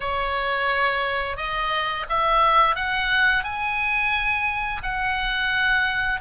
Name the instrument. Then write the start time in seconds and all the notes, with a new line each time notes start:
oboe
0.00 C#5
1.36 D#5
2.09 E5
2.75 F#5
3.43 G#5
4.82 F#5